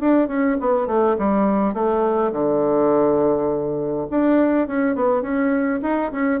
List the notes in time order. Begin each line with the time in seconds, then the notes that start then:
0.00 D4
0.28 C#4
0.60 B3
0.87 A3
1.18 G3
1.73 A3
2.32 D3
4.10 D4
4.67 C#4
4.95 B3
5.21 C#4
5.82 D#4
6.12 C#4